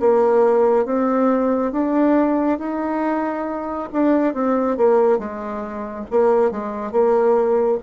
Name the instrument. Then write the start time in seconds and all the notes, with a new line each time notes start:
bassoon
0.00 A#3
0.86 C4
1.72 D4
2.59 D#4
3.93 D4
4.34 C4
4.77 A#3
5.19 G#3
6.11 A#3
6.51 G#3
6.92 A#3